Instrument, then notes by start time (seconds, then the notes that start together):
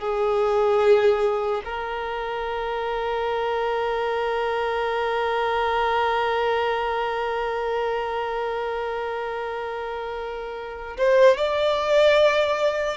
violin
0.00 G#4
1.65 A#4
10.98 C5
11.37 D5